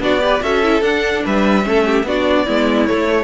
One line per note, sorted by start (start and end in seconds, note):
0.00 0.41 B3
0.00 0.20 D4
0.00 0.23 F#4
0.00 0.43 D5
0.20 0.40 G4
0.20 0.43 B4
0.42 0.82 C#4
0.42 0.63 F#4
0.42 1.25 A4
0.42 0.83 E5
0.63 0.83 E4
0.82 1.23 D4
0.82 1.63 D4
0.82 1.24 F#5
1.25 1.66 G3
1.25 1.66 B4
1.25 2.08 E5
1.63 2.04 A3
1.63 2.04 C#4
1.63 1.86 A4
1.86 2.06 G4
2.04 2.45 B3
2.04 2.47 D4
2.04 2.45 F#4
2.04 2.86 D5
2.45 2.90 G#3
2.45 2.88 B3
2.45 3.24 E4
2.86 3.24 A3
2.86 3.24 C#5